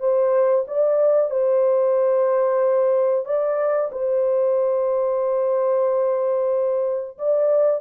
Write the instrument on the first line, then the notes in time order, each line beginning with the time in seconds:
horn
0.00 C5
0.67 D5
1.31 C5
3.25 D5
3.92 C5
7.18 D5